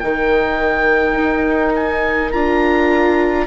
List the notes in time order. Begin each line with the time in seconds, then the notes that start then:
0.00 D#3 D#4 A#4 G5
1.15 D#4
1.76 G#5
2.32 D4 F4 A#5